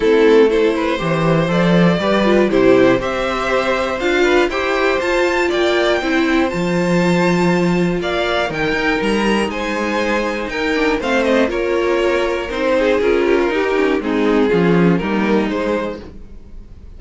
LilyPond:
<<
  \new Staff \with { instrumentName = "violin" } { \time 4/4 \tempo 4 = 120 a'4 c''2 d''4~ | d''4 c''4 e''2 | f''4 g''4 a''4 g''4~ | g''4 a''2. |
f''4 g''4 ais''4 gis''4~ | gis''4 g''4 f''8 dis''8 cis''4~ | cis''4 c''4 ais'2 | gis'2 ais'4 c''4 | }
  \new Staff \with { instrumentName = "violin" } { \time 4/4 e'4 a'8 b'8 c''2 | b'4 g'4 c''2~ | c''8 b'8 c''2 d''4 | c''1 |
d''4 ais'2 c''4~ | c''4 ais'4 c''4 ais'4~ | ais'4. gis'4 g'16 f'16 g'4 | dis'4 f'4 dis'2 | }
  \new Staff \with { instrumentName = "viola" } { \time 4/4 c'4 e'4 g'4 a'4 | g'8 f'8 e'4 g'2 | f'4 g'4 f'2 | e'4 f'2.~ |
f'4 dis'2.~ | dis'4. d'8 c'4 f'4~ | f'4 dis'4 f'4 dis'8 cis'8 | c'4 cis'4 ais4 gis4 | }
  \new Staff \with { instrumentName = "cello" } { \time 4/4 a2 e4 f4 | g4 c4 c'2 | d'4 e'4 f'4 ais4 | c'4 f2. |
ais4 dis8 dis'8 g4 gis4~ | gis4 dis'4 a4 ais4~ | ais4 c'4 cis'4 dis'4 | gis4 f4 g4 gis4 | }
>>